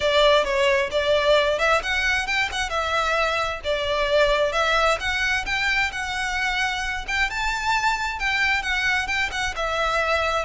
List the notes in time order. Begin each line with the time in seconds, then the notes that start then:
0.00 D5
0.44 C#5
0.91 D5
1.58 E5
1.82 F#5
2.26 G5
2.52 F#5
2.69 E5
3.64 D5
4.52 E5
4.99 F#5
5.45 G5
5.92 F#5
7.07 G5
7.30 A5
8.19 G5
8.62 F#5
9.07 G5
9.31 F#5
9.56 E5